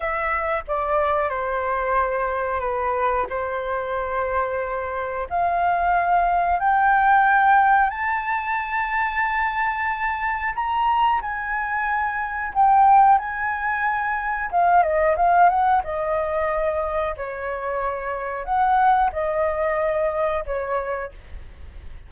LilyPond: \new Staff \with { instrumentName = "flute" } { \time 4/4 \tempo 4 = 91 e''4 d''4 c''2 | b'4 c''2. | f''2 g''2 | a''1 |
ais''4 gis''2 g''4 | gis''2 f''8 dis''8 f''8 fis''8 | dis''2 cis''2 | fis''4 dis''2 cis''4 | }